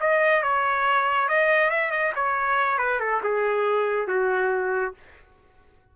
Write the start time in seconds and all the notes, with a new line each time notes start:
0.00 D#5
0.43 C#5
1.29 D#5
1.70 E5
1.91 D#5
2.15 C#5
2.78 B4
3.00 A4
3.23 G#4
4.07 F#4